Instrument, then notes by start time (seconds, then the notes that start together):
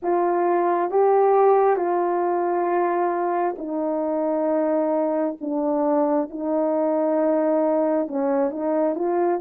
horn
0.02 F4
0.90 G4
1.76 F4
3.57 D#4
5.40 D4
6.29 D#4
8.07 C#4
8.50 D#4
8.95 F4